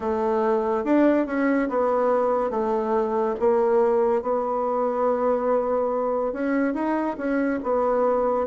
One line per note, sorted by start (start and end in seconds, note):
0.00 0.84 A3
0.84 1.26 D4
1.26 1.68 C#4
1.69 2.50 B3
2.50 3.35 A3
3.39 4.22 A#3
4.22 6.32 B3
6.32 6.74 C#4
6.74 7.16 D#4
7.17 7.59 C#4
7.63 8.46 B3